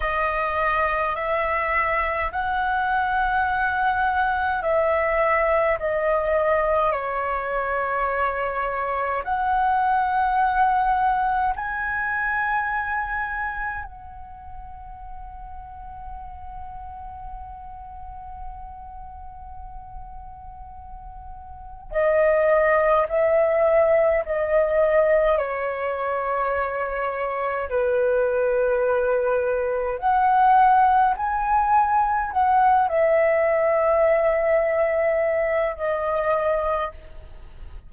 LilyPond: \new Staff \with { instrumentName = "flute" } { \time 4/4 \tempo 4 = 52 dis''4 e''4 fis''2 | e''4 dis''4 cis''2 | fis''2 gis''2 | fis''1~ |
fis''2. dis''4 | e''4 dis''4 cis''2 | b'2 fis''4 gis''4 | fis''8 e''2~ e''8 dis''4 | }